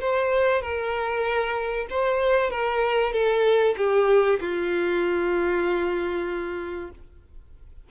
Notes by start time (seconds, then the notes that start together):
0.00 C5
0.61 A#4
1.90 C5
2.50 A#4
3.12 A4
3.77 G4
4.40 F4